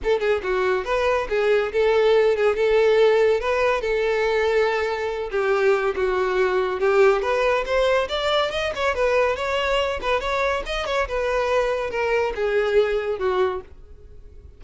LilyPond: \new Staff \with { instrumentName = "violin" } { \time 4/4 \tempo 4 = 141 a'8 gis'8 fis'4 b'4 gis'4 | a'4. gis'8 a'2 | b'4 a'2.~ | a'8 g'4. fis'2 |
g'4 b'4 c''4 d''4 | dis''8 cis''8 b'4 cis''4. b'8 | cis''4 dis''8 cis''8 b'2 | ais'4 gis'2 fis'4 | }